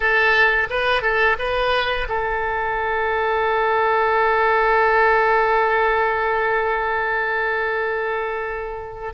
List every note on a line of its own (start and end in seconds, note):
0.00 0.68 A4
0.70 1.02 B4
1.02 1.36 A4
1.38 2.07 B4
2.08 9.13 A4